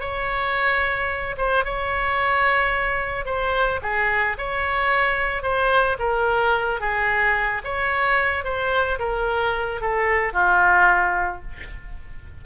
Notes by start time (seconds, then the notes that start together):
0.00 C#5
1.38 C5
1.65 C#5
3.26 C5
3.83 G#4
4.38 C#5
5.43 C5
6.00 A#4
6.80 G#4
7.65 C#5
8.44 C5
9.00 A#4
9.81 A4
10.33 F4